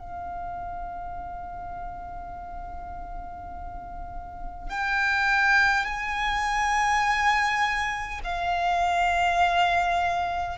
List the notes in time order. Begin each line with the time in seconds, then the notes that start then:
0.00 F5
4.70 G5
5.86 G#5
8.25 F5